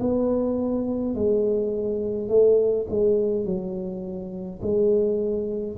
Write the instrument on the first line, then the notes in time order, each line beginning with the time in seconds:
tuba
0.00 B3
1.15 G#3
2.29 A3
2.90 G#3
3.45 F#3
4.62 G#3